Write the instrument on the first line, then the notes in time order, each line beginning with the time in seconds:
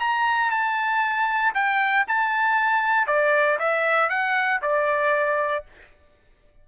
trumpet
0.00 A#5
0.51 A5
1.55 G5
2.08 A5
3.07 D5
3.59 E5
4.10 F#5
4.62 D5